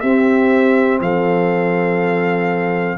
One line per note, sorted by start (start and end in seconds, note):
0.00 1.00 C4
0.00 2.98 C4
0.00 1.00 G4
0.00 0.98 E5
1.00 2.97 F3
1.00 2.98 A4
1.00 2.98 F5